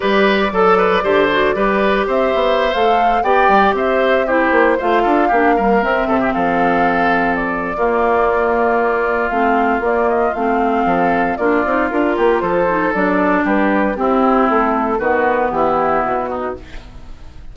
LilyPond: <<
  \new Staff \with { instrumentName = "flute" } { \time 4/4 \tempo 4 = 116 d''1 | e''4~ e''16 f''4 g''4 e''8.~ | e''16 c''4 f''2 e''8.~ | e''16 f''2 d''4.~ d''16~ |
d''2 f''4 d''8 dis''8 | f''2 d''4 ais'4 | c''4 d''4 b'4 g'4 | a'4 b'4 g'4 fis'4 | }
  \new Staff \with { instrumentName = "oboe" } { \time 4/4 b'4 a'8 b'8 c''4 b'4 | c''2~ c''16 d''4 c''8.~ | c''16 g'4 c''8 a'8 g'8 ais'4 a'16 | g'16 a'2~ a'8. f'4~ |
f'1~ | f'4 a'4 f'4. g'8 | a'2 g'4 e'4~ | e'4 fis'4 e'4. dis'8 | }
  \new Staff \with { instrumentName = "clarinet" } { \time 4/4 g'4 a'4 g'8 fis'8 g'4~ | g'4~ g'16 a'4 g'4.~ g'16~ | g'16 e'4 f'4 d'8 g8 c'8.~ | c'2. ais4~ |
ais2 c'4 ais4 | c'2 d'8 dis'8 f'4~ | f'8 dis'8 d'2 c'4~ | c'4 b2. | }
  \new Staff \with { instrumentName = "bassoon" } { \time 4/4 g4 fis4 d4 g4 | c'8 b8. a4 b8 g8 c'8.~ | c'8. ais8 a8 d'8 ais4 c'8 c16~ | c16 f2~ f8. ais4~ |
ais2 a4 ais4 | a4 f4 ais8 c'8 d'8 ais8 | f4 fis4 g4 c'4 | a4 dis4 e4 b,4 | }
>>